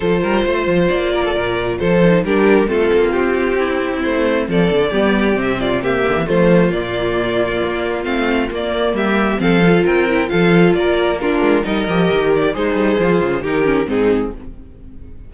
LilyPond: <<
  \new Staff \with { instrumentName = "violin" } { \time 4/4 \tempo 4 = 134 c''2 d''2 | c''4 ais'4 a'4 g'4~ | g'4 c''4 d''2 | e''8 d''8 e''4 c''4 d''4~ |
d''2 f''4 d''4 | e''4 f''4 g''4 f''4 | d''4 ais'4 dis''4. d''8 | c''2 ais'4 gis'4 | }
  \new Staff \with { instrumentName = "violin" } { \time 4/4 a'8 ais'8 c''4. ais'16 a'16 ais'4 | a'4 g'4 f'2 | e'2 a'4 g'4~ | g'8 f'8 g'4 f'2~ |
f'1 | g'4 a'4 ais'4 a'4 | ais'4 f'4 ais'2 | dis'4 f'4 g'4 dis'4 | }
  \new Staff \with { instrumentName = "viola" } { \time 4/4 f'1~ | f'8 dis'8 d'4 c'2~ | c'2. b4 | c'4 ais4 a4 ais4~ |
ais2 c'4 ais4~ | ais4 c'8 f'4 e'8 f'4~ | f'4 d'4 dis'8 g'4. | gis'2 dis'8 cis'8 c'4 | }
  \new Staff \with { instrumentName = "cello" } { \time 4/4 f8 g8 a8 f8 ais4 ais,4 | f4 g4 a8 ais8 c'4~ | c'4 a4 f8 d8 g4 | c4. d16 e16 f4 ais,4~ |
ais,4 ais4 a4 ais4 | g4 f4 c'4 f4 | ais4. gis8 g8 f8 dis4 | gis8 g8 f8 cis8 dis4 gis,4 | }
>>